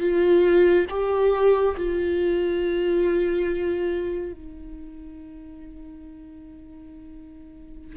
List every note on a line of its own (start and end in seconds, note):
0.00 0.86 F4
0.90 1.75 G4
1.77 4.33 F4
4.33 7.97 D#4